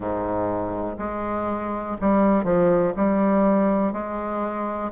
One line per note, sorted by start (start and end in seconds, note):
0.00 0.97 G#2
0.98 1.97 G#3
2.00 2.44 G3
2.44 2.92 F3
2.96 3.92 G3
3.92 4.90 G#3